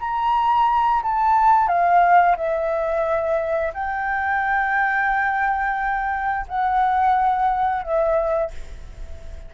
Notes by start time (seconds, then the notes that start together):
0.00 A#5
1.03 A5
1.68 F5
2.36 E5
3.74 G5
6.49 F#5
7.83 E5